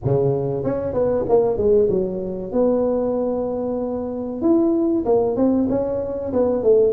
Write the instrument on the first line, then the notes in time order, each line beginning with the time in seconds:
tuba
0.04 C#3
0.64 C#4
0.93 B3
1.28 A#3
1.57 G#3
1.89 F#3
2.51 B3
4.41 E4
5.05 A#3
5.36 C4
5.69 C#4
6.32 B3
6.63 A3